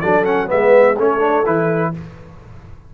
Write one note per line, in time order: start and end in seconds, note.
0.00 0.51 F#3
0.00 0.25 D4
0.00 0.48 A4
0.00 0.24 D5
0.24 0.46 C#4
0.24 0.48 F#5
0.46 0.99 G#3
0.46 0.94 B3
0.46 0.95 B4
0.46 0.98 E5
0.95 1.46 A3
0.95 1.19 C#4
0.95 1.91 A4
0.95 1.46 C#5
1.19 1.43 D4
1.46 1.94 E3
1.46 1.94 E4
1.46 1.94 B4